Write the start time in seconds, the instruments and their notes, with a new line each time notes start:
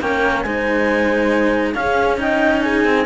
0.00 cello A#3 C#4, horn A#4, clarinet G5
0.42 cello G#3 D#4, horn C5, clarinet G#5
1.73 cello C#4, horn G#4, clarinet F5
2.17 cello D#4, horn D#5, clarinet G5
2.62 horn G#4, clarinet G#5
2.85 cello C4